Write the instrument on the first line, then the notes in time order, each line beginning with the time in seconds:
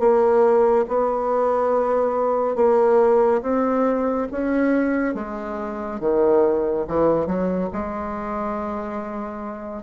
bassoon
0.00 A#3
0.88 B3
2.56 A#3
3.42 C4
4.32 C#4
5.15 G#3
6.00 D#3
6.88 E3
7.27 F#3
7.73 G#3